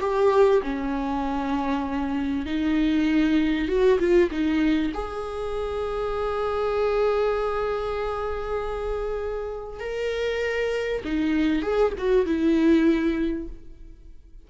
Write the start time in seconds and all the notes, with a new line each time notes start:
0.00 G4
0.62 C#4
2.46 D#4
3.68 F#4
3.99 F4
4.31 D#4
4.93 G#4
9.80 A#4
11.04 D#4
11.62 G#4
11.97 F#4
12.26 E4